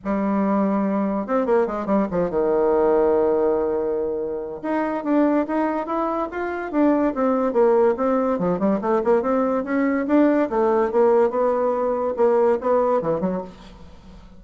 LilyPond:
\new Staff \with { instrumentName = "bassoon" } { \time 4/4 \tempo 4 = 143 g2. c'8 ais8 | gis8 g8 f8 dis2~ dis8~ | dis2. dis'4 | d'4 dis'4 e'4 f'4 |
d'4 c'4 ais4 c'4 | f8 g8 a8 ais8 c'4 cis'4 | d'4 a4 ais4 b4~ | b4 ais4 b4 e8 fis8 | }